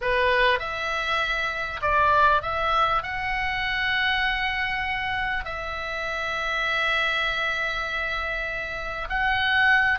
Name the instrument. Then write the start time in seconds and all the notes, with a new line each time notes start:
oboe
0.01 B4
0.59 E5
1.81 D5
2.42 E5
3.02 F#5
5.44 E5
9.09 F#5